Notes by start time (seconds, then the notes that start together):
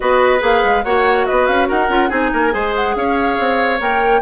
0.00 B3 F#4 B4 D#5
0.39 A#3 G#4 F5
0.64 G#3
0.83 A#3 F#4 C#5 F#5
1.26 B3 B4 D#5
1.46 C#4 F5
1.68 D#4 A#4 F#5
1.88 C#4 F4
2.09 C4 D#4 G#4 G#5
2.33 A#3 A#4
2.50 G#3 G#4 C5
2.75 F#5
2.95 C#4 C#5 F5
3.39 C4
3.79 A#3 A#4 G5